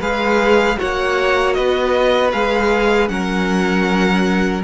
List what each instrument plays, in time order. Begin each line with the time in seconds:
0.00 cello G#3, viola G#4, violin B4 F5
0.78 cello A#3, viola F#4, violin C#5 F#5
1.54 cello B3, violin B4 D#5
2.32 cello G#3, viola G#4, violin F5
3.09 cello F#3, viola C#4, violin A#4 F#5